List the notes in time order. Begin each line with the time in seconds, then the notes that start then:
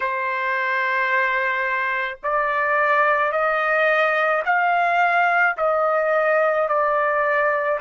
0.00 C5
2.23 D5
3.31 D#5
4.45 F5
5.57 D#5
6.68 D5